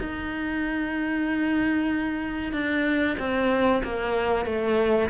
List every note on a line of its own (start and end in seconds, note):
0.00 2.53 D#4
2.53 3.17 D4
3.19 3.83 C4
3.84 4.46 A#3
4.46 5.09 A3